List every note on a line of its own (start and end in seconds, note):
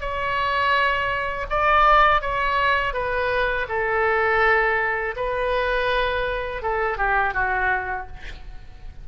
0.00 1.46 C#5
1.50 2.22 D5
2.22 2.93 C#5
2.93 3.67 B4
3.69 5.15 A4
5.16 6.62 B4
6.62 6.97 A4
6.97 7.34 G4
7.34 8.07 F#4